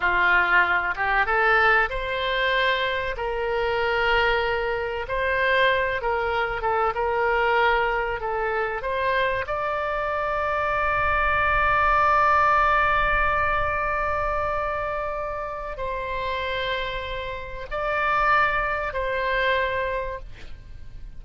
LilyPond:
\new Staff \with { instrumentName = "oboe" } { \time 4/4 \tempo 4 = 95 f'4. g'8 a'4 c''4~ | c''4 ais'2. | c''4. ais'4 a'8 ais'4~ | ais'4 a'4 c''4 d''4~ |
d''1~ | d''1~ | d''4 c''2. | d''2 c''2 | }